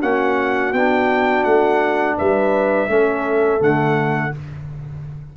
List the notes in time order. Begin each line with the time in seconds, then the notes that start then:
0.00 A#3 C#4 F#4 F#5
0.73 B3 D4 G5
1.44 A3 F#5
2.18 G3 B4 E5
2.89 A3 C#4 A4
3.60 D3 A3 F#5